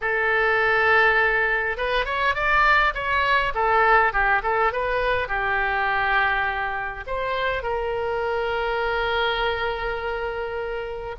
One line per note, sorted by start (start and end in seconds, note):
0.01 1.77 A4
1.77 2.05 B4
2.05 2.34 C#5
2.34 2.93 D5
2.94 3.53 C#5
3.54 4.12 A4
4.12 4.42 G4
4.43 4.72 A4
4.72 5.28 B4
5.28 7.04 G4
7.06 7.62 C5
7.62 11.15 A#4